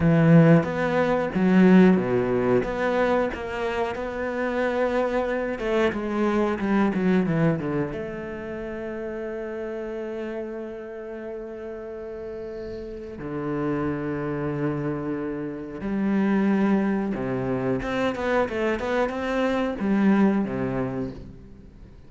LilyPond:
\new Staff \with { instrumentName = "cello" } { \time 4/4 \tempo 4 = 91 e4 b4 fis4 b,4 | b4 ais4 b2~ | b8 a8 gis4 g8 fis8 e8 d8 | a1~ |
a1 | d1 | g2 c4 c'8 b8 | a8 b8 c'4 g4 c4 | }